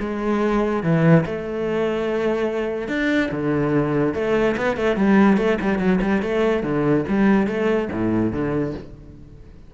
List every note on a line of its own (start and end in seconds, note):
0.00 0.83 G#3
0.83 1.25 E3
1.26 2.88 A3
2.88 3.30 D4
3.32 4.14 D3
4.14 4.56 A3
4.57 4.77 B3
4.77 4.97 A3
4.97 5.37 G3
5.37 5.58 A3
5.61 5.79 G3
5.79 6.00 F#3
6.02 6.22 G3
6.22 6.63 A3
6.63 7.05 D3
7.08 7.47 G3
7.47 7.89 A3
7.92 8.33 A2
8.33 8.74 D3